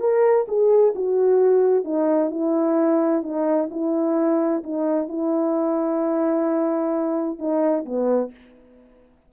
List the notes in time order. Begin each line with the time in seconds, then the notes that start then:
0.00 A#4
0.48 G#4
0.95 F#4
1.85 D#4
2.30 E4
3.23 D#4
3.71 E4
4.64 D#4
5.09 E4
7.39 D#4
7.85 B3